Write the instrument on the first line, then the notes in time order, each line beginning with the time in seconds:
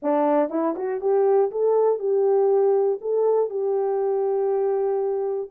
horn
0.02 D4
0.49 E4
0.75 F#4
1.00 G4
1.51 A4
1.99 G4
3.01 A4
3.50 G4